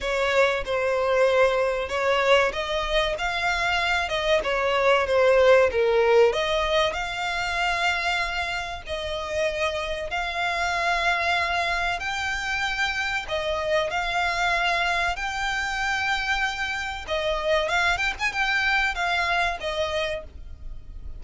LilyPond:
\new Staff \with { instrumentName = "violin" } { \time 4/4 \tempo 4 = 95 cis''4 c''2 cis''4 | dis''4 f''4. dis''8 cis''4 | c''4 ais'4 dis''4 f''4~ | f''2 dis''2 |
f''2. g''4~ | g''4 dis''4 f''2 | g''2. dis''4 | f''8 g''16 gis''16 g''4 f''4 dis''4 | }